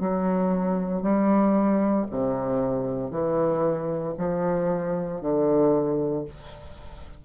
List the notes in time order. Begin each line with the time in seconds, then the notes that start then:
0.00 F#3
1.02 G3
2.11 C3
3.10 E3
4.18 F3
5.21 D3